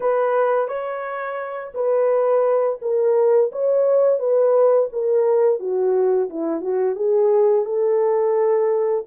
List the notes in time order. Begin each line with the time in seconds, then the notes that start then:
0.00 B4
0.68 C#5
1.74 B4
2.81 A#4
3.51 C#5
4.19 B4
4.92 A#4
5.59 F#4
6.29 E4
6.61 F#4
6.95 G#4
7.65 A4